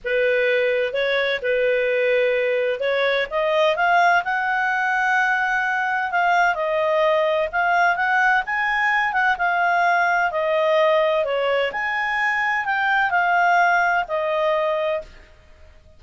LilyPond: \new Staff \with { instrumentName = "clarinet" } { \time 4/4 \tempo 4 = 128 b'2 cis''4 b'4~ | b'2 cis''4 dis''4 | f''4 fis''2.~ | fis''4 f''4 dis''2 |
f''4 fis''4 gis''4. fis''8 | f''2 dis''2 | cis''4 gis''2 g''4 | f''2 dis''2 | }